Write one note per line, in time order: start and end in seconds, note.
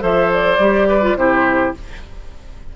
0.00 0.58 F3
0.00 0.57 A4
0.00 0.88 C5
0.00 0.32 E5
0.33 1.17 D5
0.58 1.15 G3
0.58 1.02 G4
0.88 1.17 B4
1.02 1.16 F4
1.15 1.72 C3
1.15 1.74 E4
1.15 1.76 G4
1.15 1.74 C5